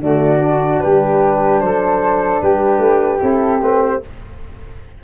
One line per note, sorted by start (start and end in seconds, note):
0.00 0.80 D3
0.00 0.40 A3
0.00 0.83 F#4
0.00 0.80 D5
0.40 3.20 D4
0.80 1.62 G3
0.80 1.64 G4
0.80 1.60 B4
1.60 2.42 F#3
1.60 2.43 A4
1.60 2.40 C5
2.41 2.79 G3
2.41 4.03 G4
2.41 3.21 B4
2.79 3.19 A3
3.20 3.61 C4
3.20 3.60 E4
3.20 3.61 A4
3.61 4.01 A3
3.61 4.02 C4
3.61 3.83 B4
3.83 4.03 C5